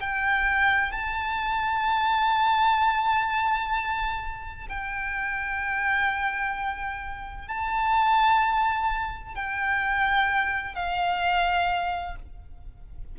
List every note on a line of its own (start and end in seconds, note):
0.00 0.92 G5
0.92 4.67 A5
4.69 7.48 G5
7.48 9.35 A5
9.35 10.75 G5
10.75 12.16 F5